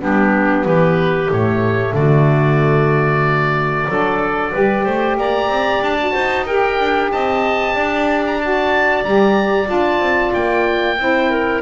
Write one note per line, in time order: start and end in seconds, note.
0.00 0.66 G3
0.00 1.29 B3
0.00 0.66 D4
0.00 0.67 G4
0.66 1.30 E3
0.66 1.95 G4
0.66 1.31 B4
1.31 1.93 A2
1.31 3.89 A3
1.31 1.95 C#5
1.93 3.86 D3
1.93 3.88 F#4
1.93 5.18 D5
3.88 4.54 F#3
3.88 4.53 D4
3.88 4.53 A4
4.53 4.87 G3
4.53 5.98 G4
4.53 4.84 B4
4.84 5.18 A3
4.84 5.16 C5
5.18 5.49 A#3
5.18 6.13 D5
5.18 5.84 A#5
5.49 5.81 C4
5.81 6.14 D4
5.81 6.47 A5
5.99 6.47 F#4
6.13 6.80 D#4
6.13 6.45 C5
6.46 8.41 G4
6.46 7.11 A#4
6.46 7.11 G5
6.80 7.12 D4
7.12 7.76 C4
7.12 7.75 D#5
7.12 8.25 A5
7.75 9.05 D4
7.75 10.98 D5
8.28 8.41 A#5
8.41 9.05 F#4
8.41 9.05 A5
9.05 9.70 G3
9.05 9.66 G4
9.05 9.69 A#5
9.66 10.00 D4
9.66 10.95 F4
9.66 10.34 A5
10.00 10.32 C4
10.34 10.99 A#3
10.34 11.62 G5
10.99 11.62 C4
10.99 11.62 E4
10.99 11.31 C5
11.31 11.62 A#4